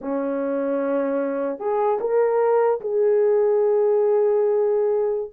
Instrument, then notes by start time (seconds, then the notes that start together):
horn
0.01 C#4
1.59 G#4
2.00 A#4
2.80 G#4